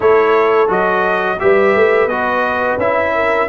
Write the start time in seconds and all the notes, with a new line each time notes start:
0.00 A3 E4 A4 C#5
0.67 F#3 F#4 D#5
1.39 G3 G4 B4 E5
1.75 A3
2.06 B3 F#4 D#5
2.77 C#4 E4 E5
3.14 A#4